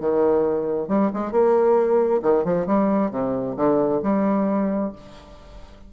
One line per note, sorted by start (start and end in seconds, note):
0.00 0.88 D#3
0.88 1.10 G3
1.14 1.32 G#3
1.32 2.21 A#3
2.22 2.45 D#3
2.45 2.66 F3
2.66 3.11 G3
3.11 3.56 C3
3.56 4.01 D3
4.03 4.93 G3